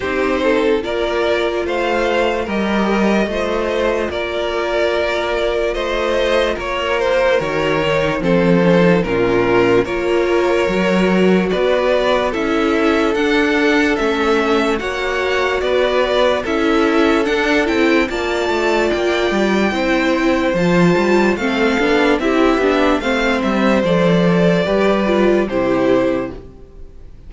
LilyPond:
<<
  \new Staff \with { instrumentName = "violin" } { \time 4/4 \tempo 4 = 73 c''4 d''4 f''4 dis''4~ | dis''4 d''2 dis''4 | cis''8 c''8 cis''4 c''4 ais'4 | cis''2 d''4 e''4 |
fis''4 e''4 fis''4 d''4 | e''4 fis''8 g''8 a''4 g''4~ | g''4 a''4 f''4 e''4 | f''8 e''8 d''2 c''4 | }
  \new Staff \with { instrumentName = "violin" } { \time 4/4 g'8 a'8 ais'4 c''4 ais'4 | c''4 ais'2 c''4 | ais'2 a'4 f'4 | ais'2 b'4 a'4~ |
a'2 cis''4 b'4 | a'2 d''2 | c''2 a'4 g'4 | c''2 b'4 g'4 | }
  \new Staff \with { instrumentName = "viola" } { \time 4/4 dis'4 f'2 g'4 | f'1~ | f'4 fis'8 dis'8 c'8 cis'16 dis'16 cis'4 | f'4 fis'2 e'4 |
d'4 cis'4 fis'2 | e'4 d'8 e'8 f'2 | e'4 f'4 c'8 d'8 e'8 d'8 | c'4 a'4 g'8 f'8 e'4 | }
  \new Staff \with { instrumentName = "cello" } { \time 4/4 c'4 ais4 a4 g4 | a4 ais2 a4 | ais4 dis4 f4 ais,4 | ais4 fis4 b4 cis'4 |
d'4 a4 ais4 b4 | cis'4 d'8 c'8 ais8 a8 ais8 g8 | c'4 f8 g8 a8 b8 c'8 b8 | a8 g8 f4 g4 c4 | }
>>